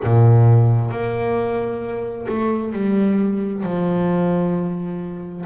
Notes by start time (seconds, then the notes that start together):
0.02 A#2
0.90 A#3
2.28 A3
2.72 G3
3.63 F3